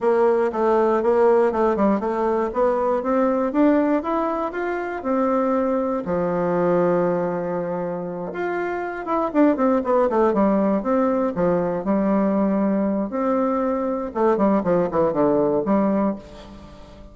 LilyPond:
\new Staff \with { instrumentName = "bassoon" } { \time 4/4 \tempo 4 = 119 ais4 a4 ais4 a8 g8 | a4 b4 c'4 d'4 | e'4 f'4 c'2 | f1~ |
f8 f'4. e'8 d'8 c'8 b8 | a8 g4 c'4 f4 g8~ | g2 c'2 | a8 g8 f8 e8 d4 g4 | }